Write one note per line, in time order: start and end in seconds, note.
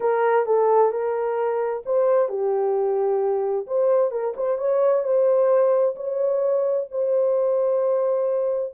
0.00 0.46 A#4
0.46 0.91 A4
0.91 1.83 A#4
1.85 2.28 C5
2.28 3.66 G4
3.66 4.11 C5
4.11 4.34 A#4
4.36 4.58 C5
4.58 5.03 C#5
5.03 5.95 C5
5.95 6.87 C#5
6.91 8.73 C5